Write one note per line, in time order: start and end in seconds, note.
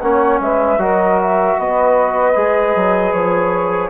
0.00 0.40 A#3
0.00 0.79 C#4
0.00 0.41 C#5
0.00 0.39 F#5
0.40 0.78 G#3
0.40 0.80 B4
0.40 0.81 E5
0.78 1.56 F#3
0.78 2.34 F#4
0.78 1.58 A#4
0.78 1.19 D#5
1.21 1.60 E5
1.59 2.36 B3
1.59 3.90 B4
1.59 3.12 D#5
2.35 2.75 G#3
2.35 3.90 G#4
2.76 3.13 F#3
3.12 3.90 F3
3.12 3.90 C#5